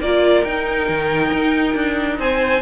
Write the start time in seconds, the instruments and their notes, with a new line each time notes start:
0.00 cello A#3, viola F4, violin A#4 D5
0.44 cello D#4, viola D#4, violin G5
0.89 cello D#3
1.33 cello D#4
1.75 cello D4
2.19 cello C4, violin C5 G#5